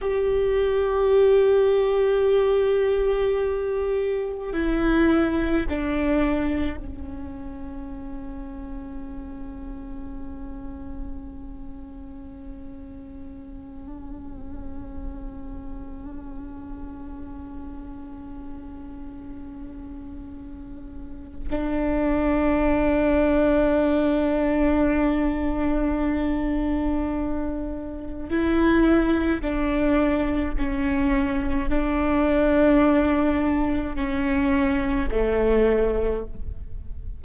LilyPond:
\new Staff \with { instrumentName = "viola" } { \time 4/4 \tempo 4 = 53 g'1 | e'4 d'4 cis'2~ | cis'1~ | cis'1~ |
cis'2. d'4~ | d'1~ | d'4 e'4 d'4 cis'4 | d'2 cis'4 a4 | }